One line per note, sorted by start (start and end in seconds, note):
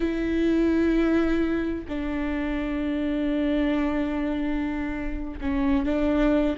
0.00 1.85 E4
1.88 5.39 D4
5.40 5.85 C#4
5.85 6.56 D4